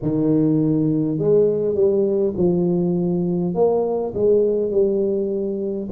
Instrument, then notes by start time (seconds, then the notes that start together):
tuba
0.02 D#3
1.18 G#3
1.74 G3
2.36 F3
3.54 A#3
4.14 G#3
4.71 G3